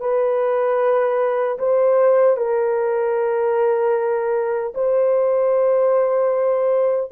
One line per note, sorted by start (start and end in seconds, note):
0.00 1.58 B4
1.59 2.37 C5
2.37 4.74 A#4
4.74 7.11 C5